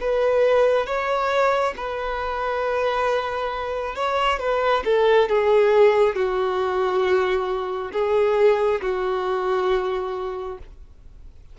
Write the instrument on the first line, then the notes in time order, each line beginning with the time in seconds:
violin
0.00 B4
0.86 C#5
1.76 B4
3.95 C#5
4.39 B4
4.84 A4
5.29 G#4
6.15 F#4
7.93 G#4
8.82 F#4